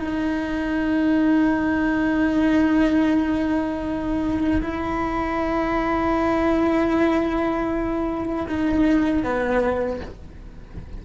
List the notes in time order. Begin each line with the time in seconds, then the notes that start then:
0.00 D#4
4.62 E4
8.48 D#4
9.23 B3